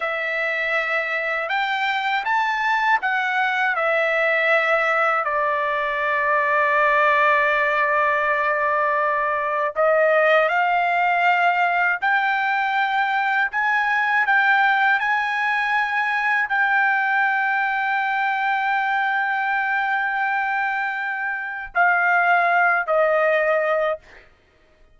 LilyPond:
\new Staff \with { instrumentName = "trumpet" } { \time 4/4 \tempo 4 = 80 e''2 g''4 a''4 | fis''4 e''2 d''4~ | d''1~ | d''4 dis''4 f''2 |
g''2 gis''4 g''4 | gis''2 g''2~ | g''1~ | g''4 f''4. dis''4. | }